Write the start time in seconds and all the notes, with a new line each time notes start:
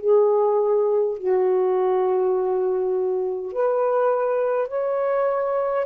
0.00 G#4
1.18 F#4
3.52 B4
4.68 C#5